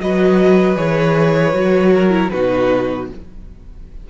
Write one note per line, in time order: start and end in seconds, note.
0.00 0.77 F#3
0.00 0.76 F#4
0.00 1.93 B4
0.00 0.77 D#5
0.76 1.54 E3
0.76 1.53 G#4
0.76 2.30 C#5
1.53 2.30 F#3
1.53 2.11 F#4
1.93 2.32 A#4
2.11 2.30 E4
2.30 3.11 B2
2.30 3.11 D#4
2.30 3.09 F#4
2.30 3.07 B4